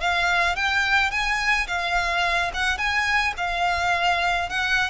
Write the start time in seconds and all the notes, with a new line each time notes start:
0.00 F5
0.56 G5
1.11 G#5
1.67 F5
2.54 F#5
2.78 G#5
3.37 F5
4.49 F#5